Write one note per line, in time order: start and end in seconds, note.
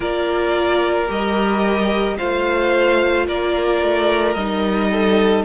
0.00 1.08 A#3
0.00 1.06 F4
0.00 2.17 A#4
0.00 1.10 D5
1.06 2.19 G3
1.06 2.15 G4
1.06 2.17 D#5
2.17 3.27 A3
2.17 4.36 F4
2.17 3.27 C5
2.17 3.26 F5
3.27 3.81 A#3
3.27 4.90 A#4
3.27 4.34 D5
3.81 4.35 A3
4.34 5.44 G3
4.34 5.44 D#4
4.34 5.43 D#5
4.90 5.44 A4